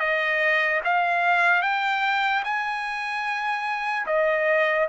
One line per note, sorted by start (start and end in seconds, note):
0.00 0.81 D#5
0.84 1.62 F5
1.62 2.43 G5
2.44 4.06 G#5
4.07 4.88 D#5